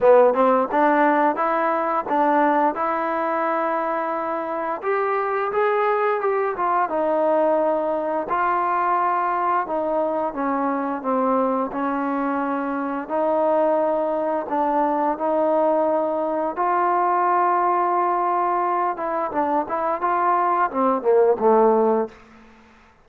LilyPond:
\new Staff \with { instrumentName = "trombone" } { \time 4/4 \tempo 4 = 87 b8 c'8 d'4 e'4 d'4 | e'2. g'4 | gis'4 g'8 f'8 dis'2 | f'2 dis'4 cis'4 |
c'4 cis'2 dis'4~ | dis'4 d'4 dis'2 | f'2.~ f'8 e'8 | d'8 e'8 f'4 c'8 ais8 a4 | }